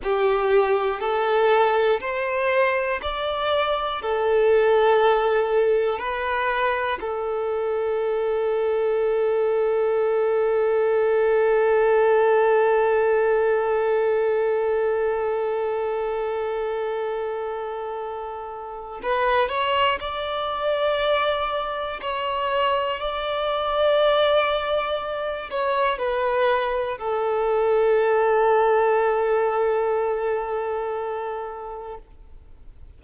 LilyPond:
\new Staff \with { instrumentName = "violin" } { \time 4/4 \tempo 4 = 60 g'4 a'4 c''4 d''4 | a'2 b'4 a'4~ | a'1~ | a'1~ |
a'2. b'8 cis''8 | d''2 cis''4 d''4~ | d''4. cis''8 b'4 a'4~ | a'1 | }